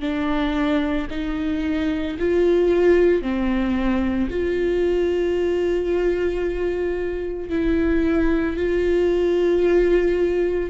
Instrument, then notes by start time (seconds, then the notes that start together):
viola
0.00 D4
1.10 D#4
2.19 F4
3.21 C4
4.30 F4
7.50 E4
8.56 F4